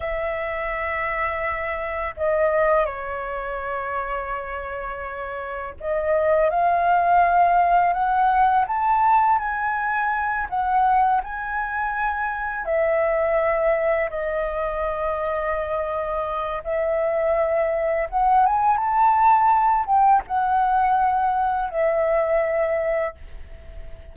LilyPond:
\new Staff \with { instrumentName = "flute" } { \time 4/4 \tempo 4 = 83 e''2. dis''4 | cis''1 | dis''4 f''2 fis''4 | a''4 gis''4. fis''4 gis''8~ |
gis''4. e''2 dis''8~ | dis''2. e''4~ | e''4 fis''8 gis''8 a''4. g''8 | fis''2 e''2 | }